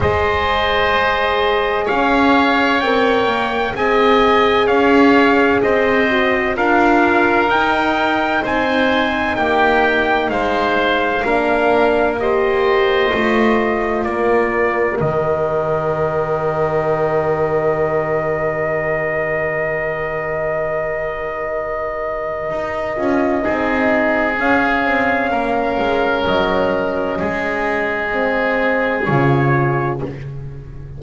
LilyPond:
<<
  \new Staff \with { instrumentName = "trumpet" } { \time 4/4 \tempo 4 = 64 dis''2 f''4 g''4 | gis''4 f''4 dis''4 f''4 | g''4 gis''4 g''4 f''4~ | f''4 dis''2 d''4 |
dis''1~ | dis''1~ | dis''2 f''2 | dis''2. cis''4 | }
  \new Staff \with { instrumentName = "oboe" } { \time 4/4 c''2 cis''2 | dis''4 cis''4 c''4 ais'4~ | ais'4 c''4 g'4 c''4 | ais'4 c''2 ais'4~ |
ais'1~ | ais'1~ | ais'4 gis'2 ais'4~ | ais'4 gis'2. | }
  \new Staff \with { instrumentName = "horn" } { \time 4/4 gis'2. ais'4 | gis'2~ gis'8 fis'8 f'4 | dis'1 | d'4 g'4 f'2 |
g'1~ | g'1~ | g'8 f'8 dis'4 cis'2~ | cis'2 c'4 f'4 | }
  \new Staff \with { instrumentName = "double bass" } { \time 4/4 gis2 cis'4 c'8 ais8 | c'4 cis'4 c'4 d'4 | dis'4 c'4 ais4 gis4 | ais2 a4 ais4 |
dis1~ | dis1 | dis'8 cis'8 c'4 cis'8 c'8 ais8 gis8 | fis4 gis2 cis4 | }
>>